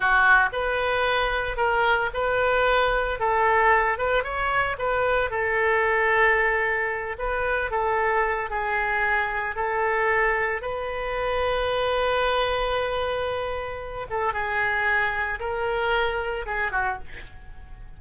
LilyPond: \new Staff \with { instrumentName = "oboe" } { \time 4/4 \tempo 4 = 113 fis'4 b'2 ais'4 | b'2 a'4. b'8 | cis''4 b'4 a'2~ | a'4. b'4 a'4. |
gis'2 a'2 | b'1~ | b'2~ b'8 a'8 gis'4~ | gis'4 ais'2 gis'8 fis'8 | }